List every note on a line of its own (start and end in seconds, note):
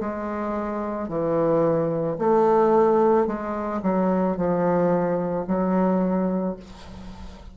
0.00 1.08 G#3
1.08 2.17 E3
2.18 3.26 A3
3.26 3.81 G#3
3.82 4.36 F#3
4.36 5.45 F3
5.47 6.56 F#3